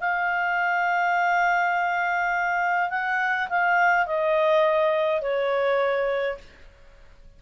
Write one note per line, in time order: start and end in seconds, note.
0.00 2.90 F5
2.90 3.48 F#5
3.49 4.06 F5
4.06 5.21 D#5
5.21 6.38 C#5